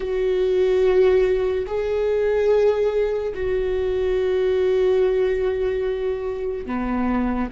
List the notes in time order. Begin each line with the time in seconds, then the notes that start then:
0.00 F#4
1.66 G#4
3.34 F#4
6.66 B3